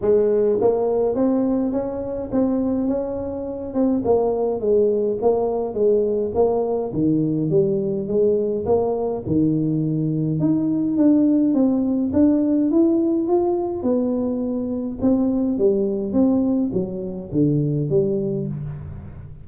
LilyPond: \new Staff \with { instrumentName = "tuba" } { \time 4/4 \tempo 4 = 104 gis4 ais4 c'4 cis'4 | c'4 cis'4. c'8 ais4 | gis4 ais4 gis4 ais4 | dis4 g4 gis4 ais4 |
dis2 dis'4 d'4 | c'4 d'4 e'4 f'4 | b2 c'4 g4 | c'4 fis4 d4 g4 | }